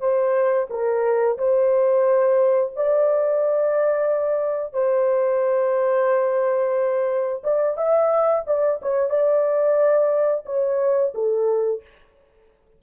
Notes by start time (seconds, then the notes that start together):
0.00 C5
0.70 A#4
1.38 C5
2.76 D5
4.73 C5
7.43 D5
7.77 E5
8.47 D5
8.82 C#5
9.10 D5
10.46 C#5
11.14 A4